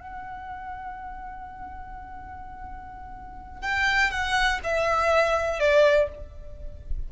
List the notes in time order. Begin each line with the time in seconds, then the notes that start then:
0.00 F#5
3.62 G5
4.10 F#5
4.63 E5
5.59 D5